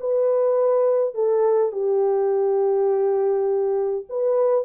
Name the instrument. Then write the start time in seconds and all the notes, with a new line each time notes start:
horn
0.00 B4
1.15 A4
1.72 G4
4.09 B4